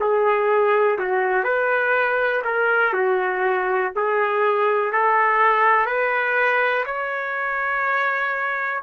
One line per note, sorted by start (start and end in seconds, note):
0.00 0.98 G#4
0.98 1.44 F#4
1.44 2.42 B4
2.44 2.93 A#4
2.93 3.92 F#4
3.95 4.92 G#4
4.92 5.86 A4
5.86 6.84 B4
6.85 8.82 C#5